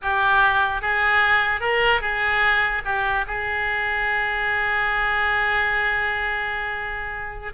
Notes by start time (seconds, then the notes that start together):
0.01 G4
0.81 G#4
1.60 A#4
2.01 G#4
2.84 G4
3.27 G#4